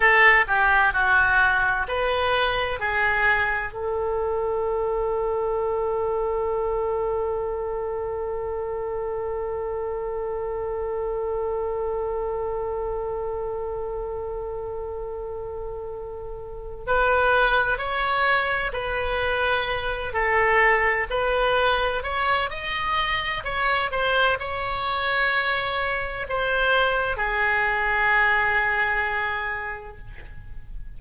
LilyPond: \new Staff \with { instrumentName = "oboe" } { \time 4/4 \tempo 4 = 64 a'8 g'8 fis'4 b'4 gis'4 | a'1~ | a'1~ | a'1~ |
a'2 b'4 cis''4 | b'4. a'4 b'4 cis''8 | dis''4 cis''8 c''8 cis''2 | c''4 gis'2. | }